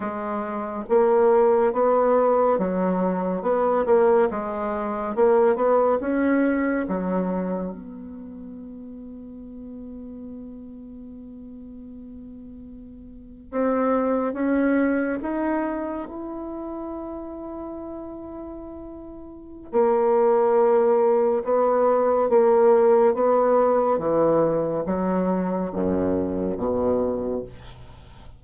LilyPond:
\new Staff \with { instrumentName = "bassoon" } { \time 4/4 \tempo 4 = 70 gis4 ais4 b4 fis4 | b8 ais8 gis4 ais8 b8 cis'4 | fis4 b2.~ | b2.~ b8. c'16~ |
c'8. cis'4 dis'4 e'4~ e'16~ | e'2. ais4~ | ais4 b4 ais4 b4 | e4 fis4 fis,4 b,4 | }